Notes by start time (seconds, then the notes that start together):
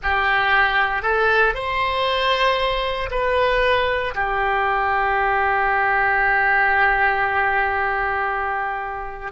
0.02 G4
1.02 A4
1.54 C5
3.10 B4
4.14 G4